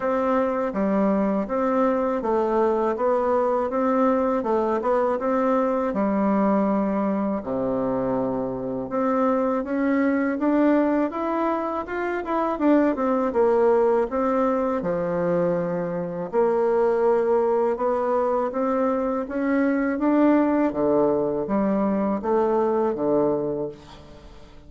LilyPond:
\new Staff \with { instrumentName = "bassoon" } { \time 4/4 \tempo 4 = 81 c'4 g4 c'4 a4 | b4 c'4 a8 b8 c'4 | g2 c2 | c'4 cis'4 d'4 e'4 |
f'8 e'8 d'8 c'8 ais4 c'4 | f2 ais2 | b4 c'4 cis'4 d'4 | d4 g4 a4 d4 | }